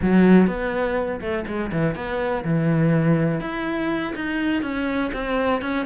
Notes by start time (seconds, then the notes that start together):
0.01 F#3
0.47 B3
1.20 A3
1.46 G#3
1.72 E3
1.95 B3
2.44 E3
3.40 E4
4.15 D#4
4.62 C#4
5.13 C4
5.61 C#4